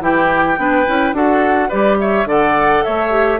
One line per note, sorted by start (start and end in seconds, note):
0.00 0.57 E3
0.00 0.57 E4
0.00 0.59 G4
0.00 1.16 G5
0.57 0.86 B3
0.57 0.85 D4
0.57 1.15 B4
0.86 1.12 C#4
0.86 1.13 E4
1.12 1.69 D4
1.12 1.70 F#4
1.12 1.68 A4
1.12 1.69 F#5
1.68 2.25 G3
1.68 2.26 G4
1.68 1.97 B4
1.68 1.98 D5
2.00 2.28 C#5
2.00 2.28 E5
2.25 2.82 D3
2.25 3.10 A4
2.25 2.85 D5
2.25 2.83 F#5
2.83 3.40 A3
2.83 3.40 C#5
2.83 3.40 E5
3.10 3.38 G4